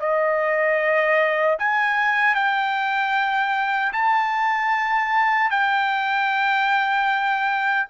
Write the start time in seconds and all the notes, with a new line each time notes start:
0.00 D#5
1.59 G#5
2.35 G5
3.93 A5
5.51 G5